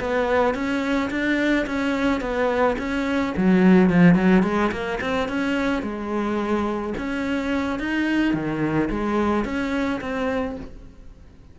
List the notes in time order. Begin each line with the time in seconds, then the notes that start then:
0.00 B3
0.55 C#4
1.10 D4
1.67 C#4
2.21 B3
2.79 C#4
3.37 F#3
3.90 F3
4.15 F#3
4.43 G#3
4.72 A#3
5.01 C4
5.29 C#4
5.83 G#3
6.98 C#4
7.79 D#4
8.34 D#3
8.90 G#3
9.45 C#4
10.01 C4